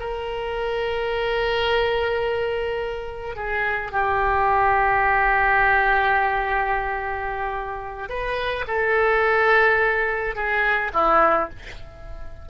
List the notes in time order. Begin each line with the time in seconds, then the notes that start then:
0.00 A#4
3.36 G#4
3.92 G4
8.09 B4
8.68 A4
10.36 G#4
10.93 E4